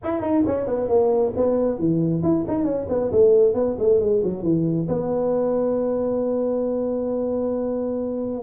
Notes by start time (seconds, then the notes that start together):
0.03 E4
0.21 D#4
0.46 C#4
0.66 B3
0.88 A#3
1.36 B3
1.78 E3
2.22 E4
2.47 D#4
2.64 C#4
2.88 B3
3.11 A3
3.54 B3
3.79 A3
4.00 G#3
4.23 F#3
4.43 E3
4.88 B3